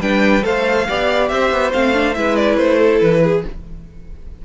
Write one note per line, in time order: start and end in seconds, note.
0.00 0.43 G3
0.00 0.42 D4
0.00 0.44 B4
0.00 0.44 G5
0.42 0.88 A3
0.42 0.85 A4
0.42 0.87 C5
0.42 1.28 F5
0.87 1.31 B3
0.87 1.72 G4
0.87 1.31 D5
1.28 1.51 C4
1.28 2.17 C5
1.28 1.71 E5
1.51 1.72 B3
1.72 2.16 A3
1.72 1.93 C4
1.72 2.14 F5
1.93 2.14 D4
2.14 2.57 G#3
2.14 3.42 E4
2.14 2.78 B4
2.14 2.35 E5
2.36 2.57 D5
2.57 3.00 A3
2.57 2.99 C5
2.78 3.21 A4
2.99 3.44 E3
2.99 3.42 B4
3.23 3.45 G#4